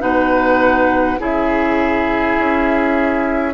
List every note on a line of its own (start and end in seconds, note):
0.00 1.19 B2
0.00 1.18 D#4
0.00 1.20 B4
0.00 1.19 F#5
1.19 2.37 C#3
1.19 3.54 E4
1.19 3.54 G#4
1.19 3.54 E5
2.38 3.54 C#4